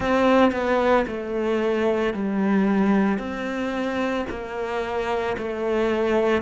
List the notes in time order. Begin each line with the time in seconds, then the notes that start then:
0.00 C4
0.51 B3
1.07 A3
2.13 G3
3.18 C4
4.29 A#3
5.37 A3